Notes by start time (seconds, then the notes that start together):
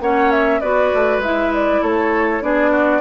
0.00 A#3 C#4 C#5 F#5
0.31 E5
0.60 B3 F#4 B4 D5
0.94 A3
1.18 G#3 E4 E5
1.53 D5
1.82 A3 A4 C#5
2.41 B3 D4 G#4 D5
2.71 F#4